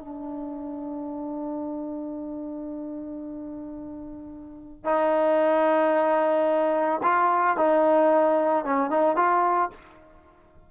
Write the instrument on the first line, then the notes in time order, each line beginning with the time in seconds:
trombone
0.00 D4
4.85 D#4
7.03 F4
7.57 D#4
8.65 C#4
8.90 D#4
9.16 F4